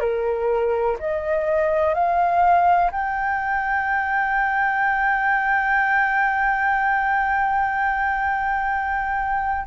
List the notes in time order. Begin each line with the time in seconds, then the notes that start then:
0.00 A#4
0.99 D#5
1.94 F5
2.91 G5